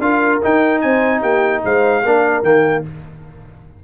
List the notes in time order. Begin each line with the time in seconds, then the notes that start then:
0.00 D4 F4 A#4 F5
0.43 D#4 G5
0.82 C4 C5 G#5
1.21 A#3 G4 G5
1.65 G#3 C5 F5
2.04 A#3 D4 A#4
2.43 D#3 A#3 G5